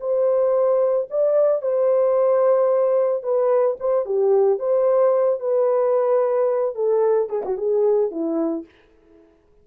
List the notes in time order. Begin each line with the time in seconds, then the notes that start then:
0.00 C5
1.10 D5
1.62 C5
3.23 B4
3.80 C5
4.06 G4
4.59 C5
5.40 B4
6.75 A4
7.29 G#4
7.45 F#4
7.57 G#4
8.11 E4